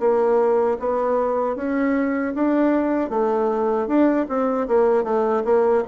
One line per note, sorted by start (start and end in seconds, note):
0.00 0.78 A#3
0.80 1.56 B3
1.56 2.34 C#4
2.34 3.10 D4
3.10 3.87 A3
3.87 4.26 D4
4.29 4.68 C4
4.68 5.04 A#3
5.04 5.43 A3
5.44 5.83 A#3